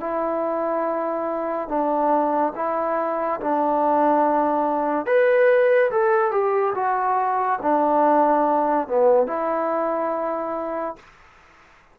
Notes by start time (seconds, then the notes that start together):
0.00 E4
1.68 D4
2.55 E4
3.40 D4
5.06 B4
5.91 A4
6.31 G4
6.75 F#4
7.62 D4
8.87 B3
9.27 E4